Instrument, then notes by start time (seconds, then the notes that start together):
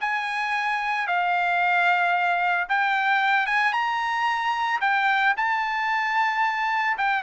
trumpet
0.00 G#5
1.07 F5
2.68 G5
3.46 G#5
3.73 A#5
4.80 G5
5.36 A5
6.97 G5